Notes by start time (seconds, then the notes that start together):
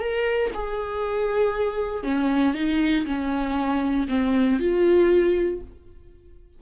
0.00 A#4
0.54 G#4
2.04 C#4
2.54 D#4
3.06 C#4
4.09 C4
4.59 F4